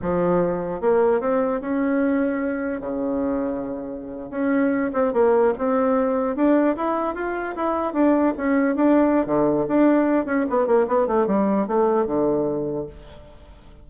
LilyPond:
\new Staff \with { instrumentName = "bassoon" } { \time 4/4 \tempo 4 = 149 f2 ais4 c'4 | cis'2. cis4~ | cis2~ cis8. cis'4~ cis'16~ | cis'16 c'8 ais4 c'2 d'16~ |
d'8. e'4 f'4 e'4 d'16~ | d'8. cis'4 d'4~ d'16 d4 | d'4. cis'8 b8 ais8 b8 a8 | g4 a4 d2 | }